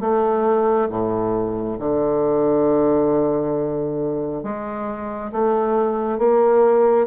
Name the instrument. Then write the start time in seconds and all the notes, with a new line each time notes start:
bassoon
0.00 A3
0.89 A2
1.78 D3
4.43 G#3
5.31 A3
6.18 A#3